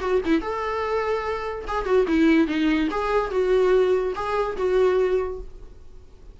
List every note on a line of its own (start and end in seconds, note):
0.00 0.21 F#4
0.25 0.41 E4
0.41 1.65 A4
1.67 1.85 G#4
1.85 2.05 F#4
2.07 2.47 E4
2.47 2.88 D#4
2.90 3.30 G#4
3.30 4.13 F#4
4.15 4.56 G#4
4.56 5.39 F#4